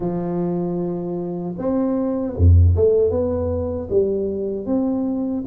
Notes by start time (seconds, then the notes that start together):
0.00 F3
1.58 C4
2.36 F2
2.76 A3
3.10 B3
3.90 G3
4.66 C4